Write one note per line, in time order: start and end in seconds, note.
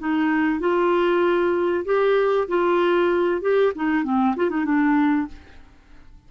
0.00 0.60 D#4
0.60 1.85 F4
1.86 2.48 G4
2.49 3.42 F4
3.42 3.73 G4
3.76 4.04 D#4
4.04 4.35 C4
4.36 4.50 F4
4.50 4.66 D#4
4.66 5.28 D4